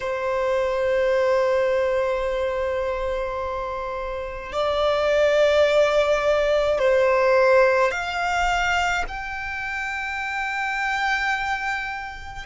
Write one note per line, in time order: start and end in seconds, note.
0.00 4.52 C5
4.52 6.78 D5
6.79 7.91 C5
7.91 9.04 F5
9.08 12.46 G5